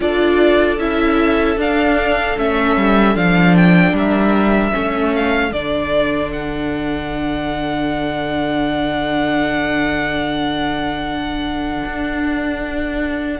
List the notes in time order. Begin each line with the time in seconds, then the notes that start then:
0.00 D4 F4 A4 D5
0.78 C#4 E4 E5
1.57 D4 F5
2.37 A3 C#4 E5
2.76 G3
3.14 F3 D4 F5
3.56 G5
3.92 G3 A#4 E5
4.72 A3 C#4 A4
5.15 F5
5.52 D3 D4 D5
6.32 F#5
11.85 D4